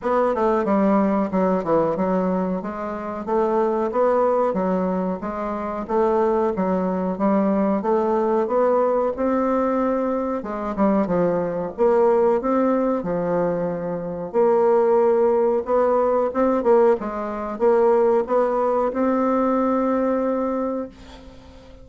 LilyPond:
\new Staff \with { instrumentName = "bassoon" } { \time 4/4 \tempo 4 = 92 b8 a8 g4 fis8 e8 fis4 | gis4 a4 b4 fis4 | gis4 a4 fis4 g4 | a4 b4 c'2 |
gis8 g8 f4 ais4 c'4 | f2 ais2 | b4 c'8 ais8 gis4 ais4 | b4 c'2. | }